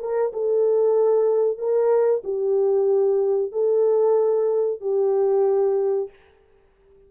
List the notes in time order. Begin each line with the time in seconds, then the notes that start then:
0.00 A#4
0.33 A4
1.58 A#4
2.24 G4
3.52 A4
4.81 G4